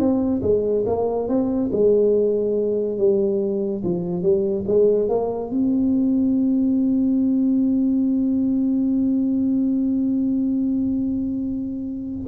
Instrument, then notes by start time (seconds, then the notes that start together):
tuba
0.00 C4
0.43 G#3
0.87 A#3
1.28 C4
1.72 G#3
2.98 G3
3.84 F3
4.23 G3
4.67 G#3
5.09 A#3
5.51 C4